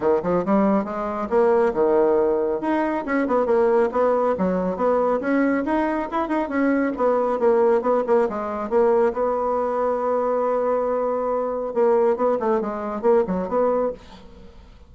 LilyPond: \new Staff \with { instrumentName = "bassoon" } { \time 4/4 \tempo 4 = 138 dis8 f8 g4 gis4 ais4 | dis2 dis'4 cis'8 b8 | ais4 b4 fis4 b4 | cis'4 dis'4 e'8 dis'8 cis'4 |
b4 ais4 b8 ais8 gis4 | ais4 b2.~ | b2. ais4 | b8 a8 gis4 ais8 fis8 b4 | }